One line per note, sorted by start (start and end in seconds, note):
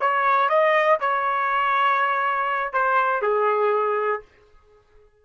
0.00 0.49 C#5
0.49 0.99 D#5
1.00 2.73 C#5
2.73 3.22 C5
3.22 4.22 G#4